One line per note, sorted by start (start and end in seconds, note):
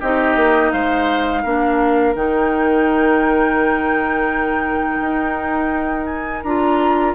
0.00 0.35 C4
0.00 1.44 D#4
0.00 0.71 G4
0.00 0.71 D#5
0.35 0.71 A#3
0.71 1.44 G#3
0.71 1.42 C5
0.71 2.14 F5
1.42 2.14 A#3
1.42 2.15 D4
1.42 7.14 A#4
2.14 5.00 D#3
2.14 6.44 D#4
2.14 6.06 G5
5.01 6.43 D#4
6.06 6.42 G#5
6.43 7.15 D4
6.43 7.15 F4
6.43 7.14 A#5